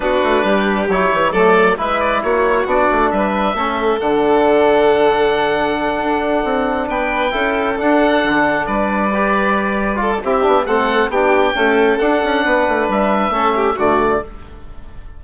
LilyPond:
<<
  \new Staff \with { instrumentName = "oboe" } { \time 4/4 \tempo 4 = 135 b'2 cis''4 d''4 | e''8 d''8 cis''4 d''4 e''4~ | e''4 fis''2.~ | fis''2.~ fis''8 g''8~ |
g''4. fis''2 d''8~ | d''2. e''4 | fis''4 g''2 fis''4~ | fis''4 e''2 d''4 | }
  \new Staff \with { instrumentName = "violin" } { \time 4/4 fis'4 g'2 a'4 | b'4 fis'2 b'4 | a'1~ | a'2.~ a'8 b'8~ |
b'8 a'2. b'8~ | b'2~ b'8 a'8 g'4 | a'4 g'4 a'2 | b'2 a'8 g'8 fis'4 | }
  \new Staff \with { instrumentName = "trombone" } { \time 4/4 d'2 e'4 a4 | e'2 d'2 | cis'4 d'2.~ | d'1~ |
d'8 e'4 d'2~ d'8~ | d'8 g'2 f'8 e'8 d'8 | c'4 d'4 a4 d'4~ | d'2 cis'4 a4 | }
  \new Staff \with { instrumentName = "bassoon" } { \time 4/4 b8 a8 g4 fis8 e8 fis4 | gis4 ais4 b8 a8 g4 | a4 d2.~ | d4. d'4 c'4 b8~ |
b8 cis'4 d'4 d4 g8~ | g2. c'8 b8 | a4 b4 cis'4 d'8 cis'8 | b8 a8 g4 a4 d4 | }
>>